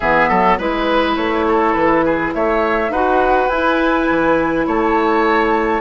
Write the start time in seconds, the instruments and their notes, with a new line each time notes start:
0.00 bassoon E3, clarinet B3, oboe G#4, flute E5
0.28 bassoon F#3, oboe A4
0.58 bassoon G#3, clarinet E4, oboe B4, flute B4
1.16 bassoon A3, flute C#5
1.48 oboe A4
1.73 bassoon E3, flute B4
2.05 oboe G#4
2.34 bassoon A3, oboe C#5, flute E5
2.89 bassoon D#4, clarinet F#4, oboe B4, flute F#5
3.49 bassoon E4, clarinet E4, flute G#5
4.09 bassoon E3
4.66 bassoon A3, oboe C#5, flute A5